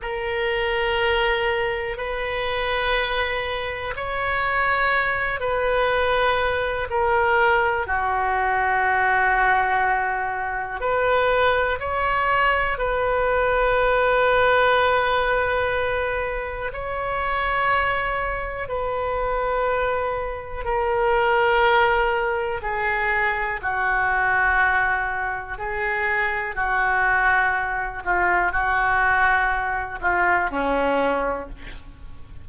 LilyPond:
\new Staff \with { instrumentName = "oboe" } { \time 4/4 \tempo 4 = 61 ais'2 b'2 | cis''4. b'4. ais'4 | fis'2. b'4 | cis''4 b'2.~ |
b'4 cis''2 b'4~ | b'4 ais'2 gis'4 | fis'2 gis'4 fis'4~ | fis'8 f'8 fis'4. f'8 cis'4 | }